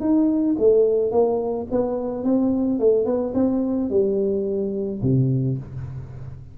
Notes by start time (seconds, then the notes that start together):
0.00 D#4
0.58 A3
1.11 A#3
1.71 B3
2.24 C4
2.79 A3
3.05 B3
3.34 C4
3.90 G3
5.02 C3